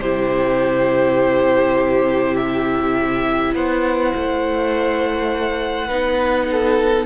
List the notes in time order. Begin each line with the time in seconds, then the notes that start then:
0.00 C3 E4 G4 C5
2.36 E5
3.53 B3 C5 F#5
4.15 A3
5.87 B3 D#4 B4
6.51 A4